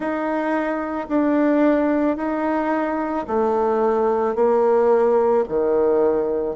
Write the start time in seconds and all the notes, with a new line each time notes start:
0.00 D#4
1.08 D4
2.17 D#4
3.27 A3
4.35 A#3
5.48 D#3